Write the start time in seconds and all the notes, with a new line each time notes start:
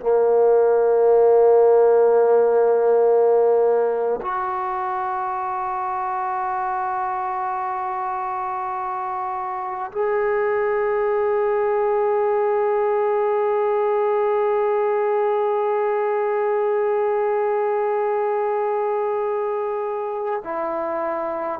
0.00 A#3
4.21 F#4
9.92 G#4
20.44 E4